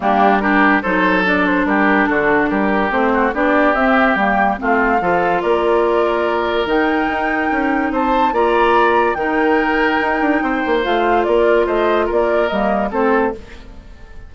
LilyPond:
<<
  \new Staff \with { instrumentName = "flute" } { \time 4/4 \tempo 4 = 144 g'4 ais'4 c''4 d''8 c''8 | ais'4 a'4 ais'4 c''4 | d''4 e''4 g''4 f''4~ | f''4 d''2. |
g''2. a''4 | ais''2 g''2~ | g''2 f''4 d''4 | dis''4 d''4 dis''4 c''4 | }
  \new Staff \with { instrumentName = "oboe" } { \time 4/4 d'4 g'4 a'2 | g'4 fis'4 g'4. fis'8 | g'2. f'4 | a'4 ais'2.~ |
ais'2. c''4 | d''2 ais'2~ | ais'4 c''2 ais'4 | c''4 ais'2 a'4 | }
  \new Staff \with { instrumentName = "clarinet" } { \time 4/4 ais4 d'4 dis'4 d'4~ | d'2. c'4 | d'4 c'4 ais4 c'4 | f'1 |
dis'1 | f'2 dis'2~ | dis'2 f'2~ | f'2 ais4 c'4 | }
  \new Staff \with { instrumentName = "bassoon" } { \time 4/4 g2 fis2 | g4 d4 g4 a4 | b4 c'4 g4 a4 | f4 ais2. |
dis4 dis'4 cis'4 c'4 | ais2 dis2 | dis'8 d'8 c'8 ais8 a4 ais4 | a4 ais4 g4 a4 | }
>>